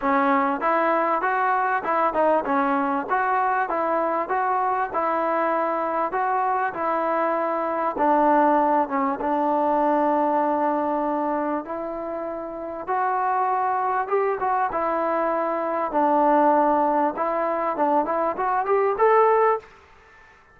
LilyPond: \new Staff \with { instrumentName = "trombone" } { \time 4/4 \tempo 4 = 98 cis'4 e'4 fis'4 e'8 dis'8 | cis'4 fis'4 e'4 fis'4 | e'2 fis'4 e'4~ | e'4 d'4. cis'8 d'4~ |
d'2. e'4~ | e'4 fis'2 g'8 fis'8 | e'2 d'2 | e'4 d'8 e'8 fis'8 g'8 a'4 | }